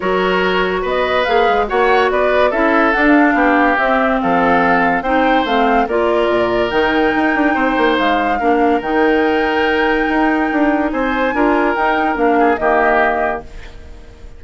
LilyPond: <<
  \new Staff \with { instrumentName = "flute" } { \time 4/4 \tempo 4 = 143 cis''2 dis''4 f''4 | fis''4 d''4 e''4 fis''16 f''8.~ | f''4 e''4 f''2 | g''4 f''4 d''2 |
g''2. f''4~ | f''4 g''2.~ | g''2 gis''2 | g''4 f''4 dis''2 | }
  \new Staff \with { instrumentName = "oboe" } { \time 4/4 ais'2 b'2 | cis''4 b'4 a'2 | g'2 a'2 | c''2 ais'2~ |
ais'2 c''2 | ais'1~ | ais'2 c''4 ais'4~ | ais'4. gis'8 g'2 | }
  \new Staff \with { instrumentName = "clarinet" } { \time 4/4 fis'2. gis'4 | fis'2 e'4 d'4~ | d'4 c'2. | dis'4 c'4 f'2 |
dis'1 | d'4 dis'2.~ | dis'2. f'4 | dis'4 d'4 ais2 | }
  \new Staff \with { instrumentName = "bassoon" } { \time 4/4 fis2 b4 ais8 gis8 | ais4 b4 cis'4 d'4 | b4 c'4 f2 | c'4 a4 ais4 ais,4 |
dis4 dis'8 d'8 c'8 ais8 gis4 | ais4 dis2. | dis'4 d'4 c'4 d'4 | dis'4 ais4 dis2 | }
>>